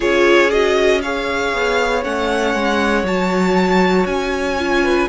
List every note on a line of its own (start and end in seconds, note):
0.00 1.53 C#4
0.00 0.49 F4
0.00 0.99 G#4
0.00 0.50 C#5
0.50 1.02 F#4
0.50 1.01 D#5
1.01 2.02 G#4
1.01 4.83 C#5
1.01 2.03 F5
1.53 2.04 B3
2.02 2.54 A3
2.02 3.04 C#4
2.02 3.05 F#5
2.54 3.03 G#3
3.03 4.05 F#3
3.03 4.58 F#4
3.03 4.06 A5
4.05 5.07 C#4
4.05 5.08 G#5
4.58 5.08 F4
4.83 5.08 B4